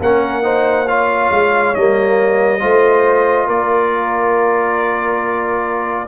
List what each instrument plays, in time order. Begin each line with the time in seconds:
0.00 tuba A#3, trombone C#4, horn A#4, trumpet F#5
0.43 trombone D#4, horn C5
0.87 trombone F4, horn C#5, trumpet F5
1.31 tuba G#3
1.75 tuba G3, trombone A#3, trumpet D#5
2.60 tuba A3, trombone F4, horn C5
3.47 tuba A#3, horn A#4, trumpet D5